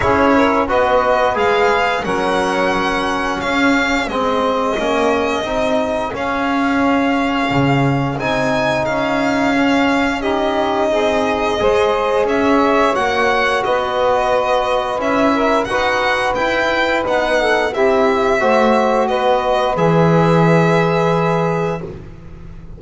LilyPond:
<<
  \new Staff \with { instrumentName = "violin" } { \time 4/4 \tempo 4 = 88 cis''4 dis''4 f''4 fis''4~ | fis''4 f''4 dis''2~ | dis''4 f''2. | gis''4 f''2 dis''4~ |
dis''2 e''4 fis''4 | dis''2 e''4 fis''4 | g''4 fis''4 e''2 | dis''4 e''2. | }
  \new Staff \with { instrumentName = "saxophone" } { \time 4/4 gis'8 ais'8 b'2 ais'4~ | ais'4 gis'2.~ | gis'1~ | gis'2. g'4 |
gis'4 c''4 cis''2 | b'2~ b'8 ais'8 b'4~ | b'4. a'8 g'4 c''4 | b'1 | }
  \new Staff \with { instrumentName = "trombone" } { \time 4/4 e'4 fis'4 gis'4 cis'4~ | cis'2 c'4 cis'4 | dis'4 cis'2. | dis'2 cis'4 dis'4~ |
dis'4 gis'2 fis'4~ | fis'2 e'4 fis'4 | e'4 dis'4 e'4 fis'4~ | fis'4 gis'2. | }
  \new Staff \with { instrumentName = "double bass" } { \time 4/4 cis'4 b4 gis4 fis4~ | fis4 cis'4 gis4 ais4 | c'4 cis'2 cis4 | c'4 cis'2. |
c'4 gis4 cis'4 ais4 | b2 cis'4 dis'4 | e'4 b4 c'4 a4 | b4 e2. | }
>>